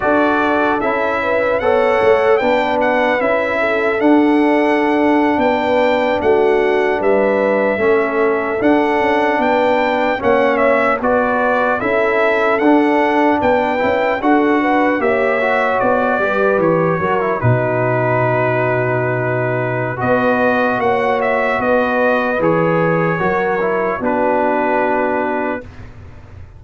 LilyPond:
<<
  \new Staff \with { instrumentName = "trumpet" } { \time 4/4 \tempo 4 = 75 d''4 e''4 fis''4 g''8 fis''8 | e''4 fis''4.~ fis''16 g''4 fis''16~ | fis''8. e''2 fis''4 g''16~ | g''8. fis''8 e''8 d''4 e''4 fis''16~ |
fis''8. g''4 fis''4 e''4 d''16~ | d''8. cis''4 b'2~ b'16~ | b'4 dis''4 fis''8 e''8 dis''4 | cis''2 b'2 | }
  \new Staff \with { instrumentName = "horn" } { \time 4/4 a'4. b'8 cis''4 b'4~ | b'8 a'2~ a'16 b'4 fis'16~ | fis'8. b'4 a'2 b'16~ | b'8. cis''4 b'4 a'4~ a'16~ |
a'8. b'4 a'8 b'8 cis''4~ cis''16~ | cis''16 b'4 ais'8 fis'2~ fis'16~ | fis'4 b'4 cis''4 b'4~ | b'4 ais'4 fis'2 | }
  \new Staff \with { instrumentName = "trombone" } { \time 4/4 fis'4 e'4 a'4 d'4 | e'4 d'2.~ | d'4.~ d'16 cis'4 d'4~ d'16~ | d'8. cis'4 fis'4 e'4 d'16~ |
d'4~ d'16 e'8 fis'4 g'8 fis'8.~ | fis'16 g'4 fis'16 e'16 dis'2~ dis'16~ | dis'4 fis'2. | gis'4 fis'8 e'8 d'2 | }
  \new Staff \with { instrumentName = "tuba" } { \time 4/4 d'4 cis'4 b8 a8 b4 | cis'4 d'4.~ d'16 b4 a16~ | a8. g4 a4 d'8 cis'8 b16~ | b8. ais4 b4 cis'4 d'16~ |
d'8. b8 cis'8 d'4 ais4 b16~ | b16 g8 e8 fis8 b,2~ b,16~ | b,4 b4 ais4 b4 | e4 fis4 b2 | }
>>